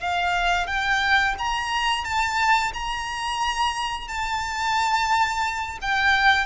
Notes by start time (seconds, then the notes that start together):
0.00 F5
0.67 G5
1.39 A#5
2.04 A5
2.74 A#5
4.08 A5
5.82 G5